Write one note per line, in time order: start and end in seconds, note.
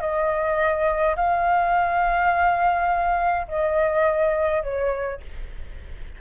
0.00 1.15 D#5
1.16 3.46 F5
3.47 4.63 D#5
4.63 5.20 C#5